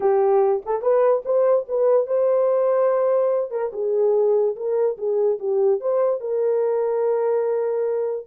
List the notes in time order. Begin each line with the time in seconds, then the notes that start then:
0.00 G4
0.65 A4
0.82 B4
1.25 C5
1.68 B4
2.06 C5
3.51 A#4
3.72 G#4
4.56 A#4
4.97 G#4
5.39 G4
5.80 C5
6.20 A#4